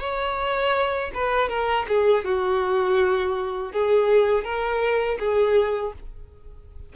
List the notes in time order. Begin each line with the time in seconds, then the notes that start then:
0.00 C#5
1.14 B4
1.49 A#4
1.88 G#4
2.25 F#4
3.72 G#4
4.44 A#4
5.19 G#4